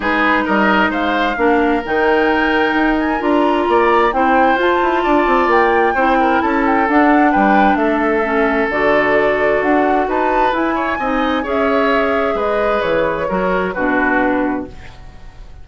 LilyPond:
<<
  \new Staff \with { instrumentName = "flute" } { \time 4/4 \tempo 4 = 131 b'4 dis''4 f''2 | g''2~ g''8 gis''8 ais''4~ | ais''4 g''4 a''2 | g''2 a''8 g''8 fis''4 |
g''4 e''2 d''4~ | d''4 fis''4 a''4 gis''4~ | gis''4 e''2 dis''4 | cis''2 b'2 | }
  \new Staff \with { instrumentName = "oboe" } { \time 4/4 gis'4 ais'4 c''4 ais'4~ | ais'1 | d''4 c''2 d''4~ | d''4 c''8 ais'8 a'2 |
b'4 a'2.~ | a'2 b'4. cis''8 | dis''4 cis''2 b'4~ | b'4 ais'4 fis'2 | }
  \new Staff \with { instrumentName = "clarinet" } { \time 4/4 dis'2. d'4 | dis'2. f'4~ | f'4 e'4 f'2~ | f'4 e'2 d'4~ |
d'2 cis'4 fis'4~ | fis'2. e'4 | dis'4 gis'2.~ | gis'4 fis'4 d'2 | }
  \new Staff \with { instrumentName = "bassoon" } { \time 4/4 gis4 g4 gis4 ais4 | dis2 dis'4 d'4 | ais4 c'4 f'8 e'8 d'8 c'8 | ais4 c'4 cis'4 d'4 |
g4 a2 d4~ | d4 d'4 dis'4 e'4 | c'4 cis'2 gis4 | e4 fis4 b,2 | }
>>